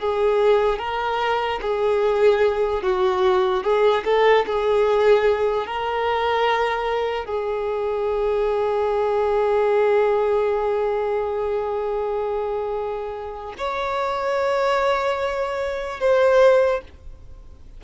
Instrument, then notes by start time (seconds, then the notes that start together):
violin
0.00 G#4
0.79 A#4
1.62 G#4
2.83 F#4
3.63 G#4
4.05 A4
4.46 G#4
5.67 A#4
7.26 G#4
13.58 C#5
16.00 C5